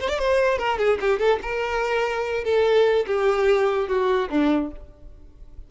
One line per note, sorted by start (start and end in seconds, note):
0.00 0.09 C5
0.09 0.18 D5
0.18 0.58 C5
0.58 0.78 A#4
0.78 0.99 G#4
1.00 1.19 G4
1.19 1.39 A4
1.42 2.44 A#4
2.44 3.06 A4
3.06 3.88 G4
3.88 4.29 F#4
4.30 4.71 D4